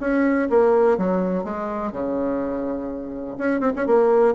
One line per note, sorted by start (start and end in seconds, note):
0.00 0.48 C#4
0.49 0.97 A#3
0.97 1.44 F#3
1.44 1.92 G#3
1.92 3.37 C#3
3.38 3.60 C#4
3.60 3.72 C4
3.76 3.86 C#4
3.86 4.34 A#3